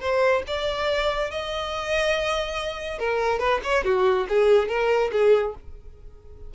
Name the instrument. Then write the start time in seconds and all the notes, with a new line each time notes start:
violin
0.00 C5
0.47 D5
1.30 D#5
2.98 A#4
3.39 B4
3.63 C#5
3.84 F#4
4.28 G#4
4.68 A#4
5.12 G#4